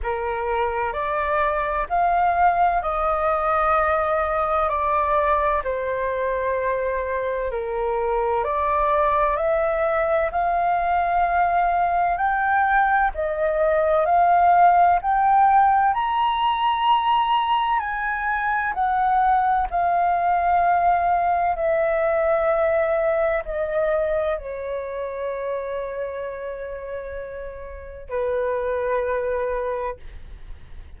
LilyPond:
\new Staff \with { instrumentName = "flute" } { \time 4/4 \tempo 4 = 64 ais'4 d''4 f''4 dis''4~ | dis''4 d''4 c''2 | ais'4 d''4 e''4 f''4~ | f''4 g''4 dis''4 f''4 |
g''4 ais''2 gis''4 | fis''4 f''2 e''4~ | e''4 dis''4 cis''2~ | cis''2 b'2 | }